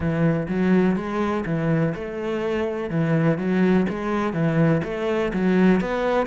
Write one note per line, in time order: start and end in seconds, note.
0.00 0.47 E3
0.48 0.95 F#3
0.95 1.44 G#3
1.45 1.94 E3
1.94 2.90 A3
2.90 3.37 E3
3.37 3.86 F#3
3.89 4.33 G#3
4.33 4.81 E3
4.83 5.32 A3
5.33 5.80 F#3
5.80 6.26 B3